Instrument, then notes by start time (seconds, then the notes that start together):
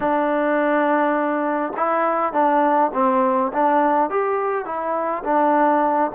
trombone
0.00 D4
1.76 E4
2.32 D4
2.93 C4
3.52 D4
4.10 G4
4.65 E4
5.23 D4